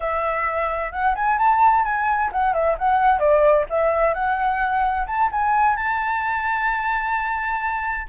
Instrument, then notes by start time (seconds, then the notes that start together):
flute
0.00 E5
0.91 F#5
1.15 G#5
1.38 A5
1.84 G#5
2.31 F#5
2.53 E5
2.78 F#5
3.19 D5
3.69 E5
4.14 F#5
5.06 A5
5.31 G#5
5.76 A5